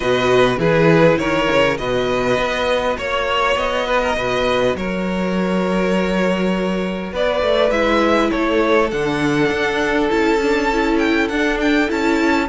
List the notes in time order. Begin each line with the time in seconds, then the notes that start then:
0.00 B2 F#4 B4 D#5
0.58 E3 E4 G#4 B4
1.18 D#3 A#4 C#5
1.51 C#3
1.75 B2 F#4 B4 D#5
2.37 B3
2.97 A#3 C#5
3.55 B3 D#5
3.86 B4
4.01 A#4
4.15 B2 B4
4.75 F#3 A#4 C#5
7.12 B3 B4 D5
7.41 A3
7.70 G#3 E4 E5
8.30 A3 A4 C#5
8.91 D3 D4 F#5
9.50 D4
10.09 C#4 E4 A5
10.42 D4
10.72 E4
10.98 G5
11.28 D4 F#5
11.60 G5
11.88 C#4 E4 A5